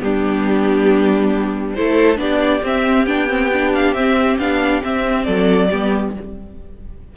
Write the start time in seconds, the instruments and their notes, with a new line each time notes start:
0.00 cello G3, viola B3, violin D4 G4
1.74 cello A3, viola E4, violin A4 C5
2.17 cello B3, viola D4, violin G4 D5
2.63 cello C4, viola C4, violin E5
3.06 cello B3, viola D4, violin G5
3.28 viola C4
3.53 viola D4
3.75 violin F5
3.94 cello C4, viola C4, violin E5
4.39 cello B3, viola D4, violin F5
4.83 viola C4, cello C4, violin E5
5.25 cello F#3, violin A4 D5
5.71 cello G3, viola B3, violin G4